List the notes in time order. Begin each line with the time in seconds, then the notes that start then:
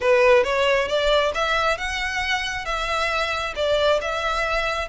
0.00 B4
0.43 C#5
0.88 D5
1.34 E5
1.77 F#5
2.65 E5
3.55 D5
4.01 E5